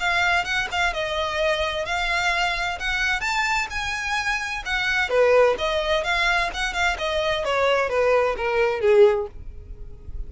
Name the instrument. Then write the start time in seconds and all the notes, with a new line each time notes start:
violin
0.00 F5
0.45 F#5
0.71 F5
0.93 D#5
1.85 F5
2.79 F#5
3.21 A5
3.70 G#5
4.65 F#5
5.09 B4
5.58 D#5
6.04 F5
6.54 F#5
6.73 F5
6.98 D#5
7.45 C#5
7.89 B4
8.37 A#4
8.81 G#4